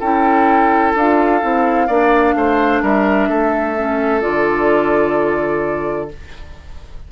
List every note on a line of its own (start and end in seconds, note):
0.00 0.95 C#4
0.00 0.97 E4
0.00 1.88 A4
0.00 0.95 G5
0.95 1.42 D4
0.95 1.42 F4
0.95 2.82 F5
1.42 1.89 C4
1.42 1.88 E4
1.88 2.35 A#3
1.88 3.77 D4
1.88 2.34 D5
2.35 2.82 A3
2.35 2.83 C5
2.82 3.29 G3
2.82 3.29 A#4
2.82 4.21 E5
3.29 4.23 A3
3.29 6.10 A4
3.77 4.21 C#4
4.21 6.12 D3
4.21 6.09 F4
4.21 6.09 D5